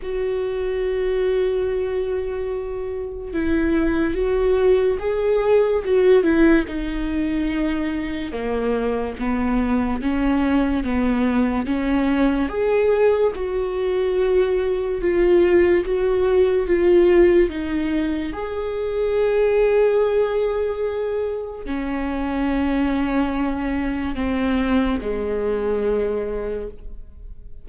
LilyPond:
\new Staff \with { instrumentName = "viola" } { \time 4/4 \tempo 4 = 72 fis'1 | e'4 fis'4 gis'4 fis'8 e'8 | dis'2 ais4 b4 | cis'4 b4 cis'4 gis'4 |
fis'2 f'4 fis'4 | f'4 dis'4 gis'2~ | gis'2 cis'2~ | cis'4 c'4 gis2 | }